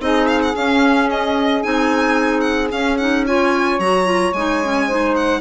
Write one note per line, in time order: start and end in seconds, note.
0.00 0.55 C4
0.00 0.54 D#4
0.00 3.26 G#4
0.00 0.28 D#5
0.28 0.42 F5
0.42 0.56 F#5
0.56 1.64 C#4
0.56 1.63 C#4
0.56 1.10 F5
1.11 1.63 D#5
1.63 2.72 C4
1.63 2.71 D#4
1.63 2.41 G#5
2.41 2.68 F#5
2.71 2.98 C#4
2.71 3.79 C#4
2.71 2.98 F5
2.98 3.27 D#4
2.98 3.25 F#5
3.26 3.81 F4
3.26 4.87 C#5
3.26 3.80 G#5
3.79 4.33 F#3
3.79 4.06 F#4
3.79 4.34 A#5
4.06 4.33 F4
4.34 5.41 G#3
4.34 4.64 D#4
4.34 5.15 G#5
4.64 4.90 C#4
4.87 5.41 D#4
4.87 5.41 C5
5.16 5.41 F#5